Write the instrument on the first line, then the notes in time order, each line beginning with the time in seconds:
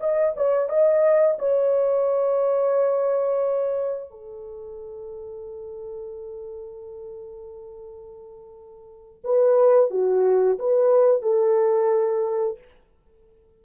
horn
0.00 D#5
0.37 C#5
0.69 D#5
1.39 C#5
4.10 A4
9.24 B4
9.90 F#4
10.59 B4
11.22 A4